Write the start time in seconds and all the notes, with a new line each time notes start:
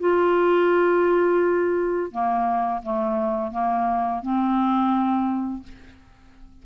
0.00 F4
2.11 A#3
2.83 A3
3.52 A#3
4.22 C4